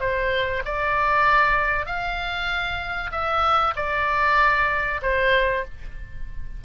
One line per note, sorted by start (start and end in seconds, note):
0.00 0.62 C5
0.65 1.86 D5
1.86 3.11 F5
3.11 3.74 E5
3.76 5.01 D5
5.02 5.64 C5